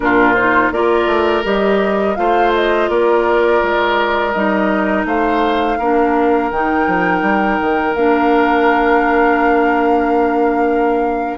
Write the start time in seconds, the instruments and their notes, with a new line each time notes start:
0.00 bassoon A#2, clarinet D4, oboe F4, flute A#4
0.34 clarinet D#4, flute C5
0.71 bassoon A#3, clarinet F4, oboe A#4, flute D5
1.06 bassoon A3
1.43 bassoon G3, clarinet G4, flute D#5
2.15 bassoon A3, clarinet F4, oboe C5, flute F5
2.55 flute D#5
2.88 bassoon A#3, oboe A#4, flute D5
3.62 bassoon G#3
4.31 bassoon G3, clarinet D#4, flute D#5
5.04 bassoon A3, oboe C5, flute F5
5.78 bassoon A#3, clarinet D4, oboe A#4
6.51 bassoon D#3, clarinet D#4, flute G5
6.86 bassoon F3
7.21 bassoon G3
7.61 bassoon D#3
7.94 bassoon A#3, clarinet D4, flute F5